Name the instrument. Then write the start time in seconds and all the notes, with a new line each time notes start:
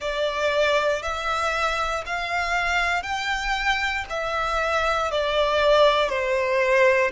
violin
0.00 D5
1.02 E5
2.06 F5
3.02 G5
4.09 E5
5.11 D5
6.09 C5